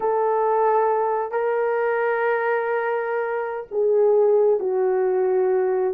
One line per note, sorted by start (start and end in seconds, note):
0.00 1.31 A4
1.31 3.66 A#4
3.71 4.59 G#4
4.59 5.94 F#4